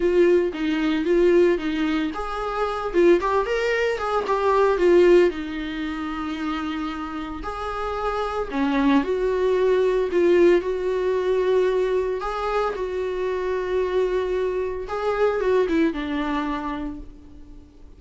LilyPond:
\new Staff \with { instrumentName = "viola" } { \time 4/4 \tempo 4 = 113 f'4 dis'4 f'4 dis'4 | gis'4. f'8 g'8 ais'4 gis'8 | g'4 f'4 dis'2~ | dis'2 gis'2 |
cis'4 fis'2 f'4 | fis'2. gis'4 | fis'1 | gis'4 fis'8 e'8 d'2 | }